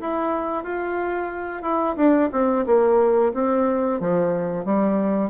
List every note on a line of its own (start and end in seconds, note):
0.00 0.63 E4
0.63 1.62 F4
1.62 1.95 E4
1.96 2.29 D4
2.32 2.65 C4
2.66 3.32 A#3
3.34 4.00 C4
4.00 4.65 F3
4.65 5.30 G3